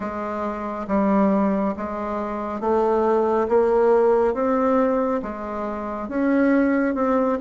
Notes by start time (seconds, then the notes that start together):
0.00 G#3
0.87 G3
1.76 G#3
2.60 A3
3.48 A#3
4.34 C4
5.22 G#3
6.08 C#4
6.94 C4